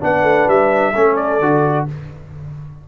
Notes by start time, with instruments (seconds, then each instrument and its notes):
0.00 tuba B3, trombone D4, horn B4, trumpet F#5
0.22 tuba A3
0.47 tuba G3, trumpet E5
0.94 tuba A3, trombone C#4, horn A4
1.16 trumpet D5
1.40 tuba D3, trombone F#4